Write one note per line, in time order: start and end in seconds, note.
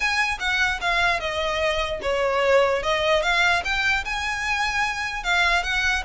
0.00 0.38 G#5
0.39 0.80 F#5
0.80 1.20 F5
1.20 2.00 D#5
2.02 2.82 C#5
2.82 3.22 D#5
3.22 3.62 F5
3.64 4.04 G5
4.05 5.23 G#5
5.23 5.63 F5
5.63 6.03 F#5